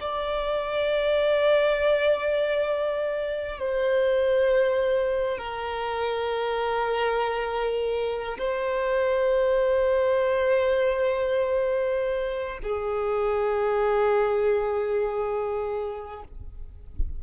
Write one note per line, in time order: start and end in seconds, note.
0.00 3.59 D5
3.59 5.38 C5
5.38 8.38 A#4
8.38 12.58 C5
12.63 16.23 G#4